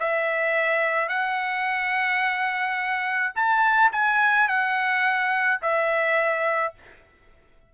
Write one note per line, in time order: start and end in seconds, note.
0.00 1.09 E5
1.09 3.33 F#5
3.35 3.92 A5
3.92 4.48 G#5
4.48 5.60 F#5
5.62 6.74 E5